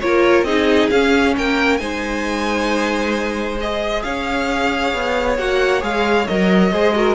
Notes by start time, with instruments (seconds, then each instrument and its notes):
0.00 cello A#3, viola F4, violin A#4 C#5
0.43 cello C4, viola D#4, violin G#4 D#5
0.90 viola C#4, cello C#4, violin F5
1.36 cello A#3, violin A#4 G5
1.77 cello G#3, viola D#4, violin C5 G#5
3.60 viola G#4, violin D#5
4.03 cello C#4, violin C#5 F5
4.94 cello B3
5.38 cello A#3, viola F#4, violin F#5
5.80 cello G#3, viola G#4, violin F5
6.27 cello F#3, viola A#4, violin D#5
6.72 cello G#3, viola G#4, violin C5
6.95 viola F#4, violin A#4